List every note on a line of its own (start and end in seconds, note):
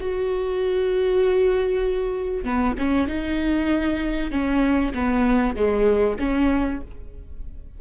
0.00 2.44 F#4
2.44 2.75 B3
2.78 3.07 C#4
3.07 4.31 D#4
4.31 4.93 C#4
4.94 5.56 B3
5.56 6.18 G#3
6.19 6.81 C#4